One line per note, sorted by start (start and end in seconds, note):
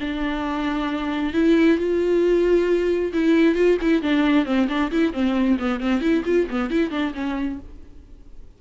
0.00 1.33 D4
1.33 1.78 E4
1.78 3.12 F4
3.13 3.55 E4
3.55 3.77 F4
3.81 4.02 E4
4.02 4.46 D4
4.46 4.68 C4
4.69 4.91 D4
4.91 5.13 E4
5.13 5.58 C4
5.59 5.80 B3
5.80 6.01 C4
6.01 6.24 E4
6.25 6.47 F4
6.50 6.70 B3
6.70 6.91 E4
6.91 7.13 D4
7.14 7.59 C#4